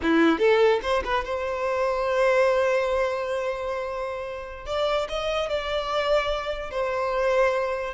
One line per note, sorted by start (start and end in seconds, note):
0.02 0.38 E4
0.38 0.80 A4
0.82 1.03 C5
1.04 1.24 B4
1.24 4.66 C5
4.66 5.07 D5
5.08 5.49 D#5
5.49 6.70 D5
6.70 7.94 C5